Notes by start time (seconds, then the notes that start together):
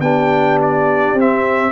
0.00 B3 D4 G4 G5
0.62 D5
1.14 C4
1.20 E5